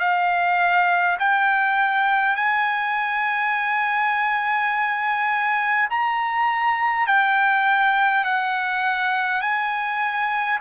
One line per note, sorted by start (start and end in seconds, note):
0.00 1.18 F5
1.19 2.36 G5
2.36 5.89 G#5
5.90 7.07 A#5
7.07 8.25 G5
8.25 9.41 F#5
9.41 10.59 G#5